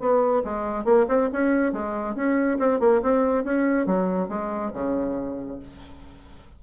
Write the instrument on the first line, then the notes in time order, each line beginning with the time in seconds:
bassoon
0.00 B3
0.45 G#3
0.85 A#3
1.09 C4
1.33 C#4
1.73 G#3
2.16 C#4
2.59 C4
2.80 A#3
3.03 C4
3.45 C#4
3.86 F#3
4.29 G#3
4.74 C#3